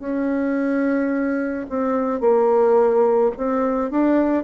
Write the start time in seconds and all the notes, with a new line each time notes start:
0.00 C#4
1.70 C4
2.21 A#3
3.38 C4
3.91 D4